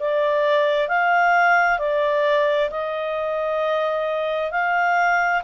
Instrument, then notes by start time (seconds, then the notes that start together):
clarinet
0.00 D5
0.89 F5
1.79 D5
2.71 D#5
4.52 F5